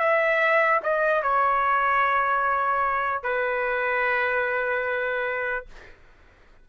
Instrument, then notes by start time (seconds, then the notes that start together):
trumpet
0.00 E5
0.83 D#5
1.23 C#5
3.23 B4